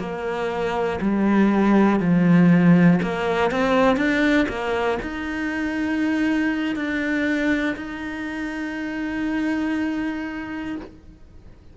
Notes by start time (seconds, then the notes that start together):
0.00 A#3
1.01 G3
2.00 F3
3.03 A#3
3.51 C4
3.97 D4
4.49 A#3
5.03 D#4
6.76 D4
7.77 D#4